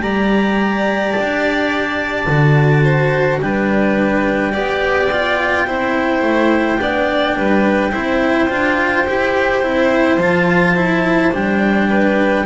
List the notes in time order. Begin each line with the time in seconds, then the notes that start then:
0.00 G3 G4 D5 A#5
1.12 A5
1.19 D4
2.27 D3 F#4
2.83 C5
3.41 G3 D4 B4 G5
4.52 B3 G4 D5
5.12 F4
5.67 C4 E4 C5
6.22 A3
6.78 B3 D4 D5
7.37 G3 B4
7.92 C4 E4 C5
8.49 D4 F4
9.07 E4 G4
9.62 C4 E4
10.17 F3 F4 A5
10.76 E4
11.32 G3 D4 G5
11.90 B4